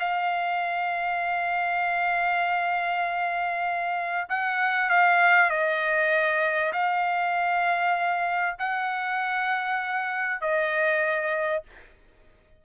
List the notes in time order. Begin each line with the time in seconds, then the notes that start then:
0.00 F5
4.29 F#5
4.90 F5
5.50 D#5
6.73 F5
8.59 F#5
10.41 D#5